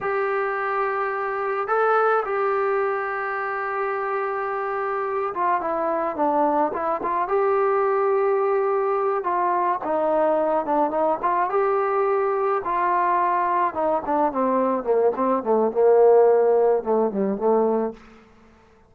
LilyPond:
\new Staff \with { instrumentName = "trombone" } { \time 4/4 \tempo 4 = 107 g'2. a'4 | g'1~ | g'4. f'8 e'4 d'4 | e'8 f'8 g'2.~ |
g'8 f'4 dis'4. d'8 dis'8 | f'8 g'2 f'4.~ | f'8 dis'8 d'8 c'4 ais8 c'8 a8 | ais2 a8 g8 a4 | }